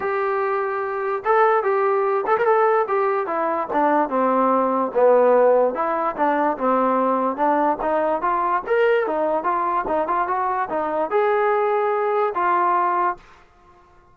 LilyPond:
\new Staff \with { instrumentName = "trombone" } { \time 4/4 \tempo 4 = 146 g'2. a'4 | g'4. a'16 ais'16 a'4 g'4 | e'4 d'4 c'2 | b2 e'4 d'4 |
c'2 d'4 dis'4 | f'4 ais'4 dis'4 f'4 | dis'8 f'8 fis'4 dis'4 gis'4~ | gis'2 f'2 | }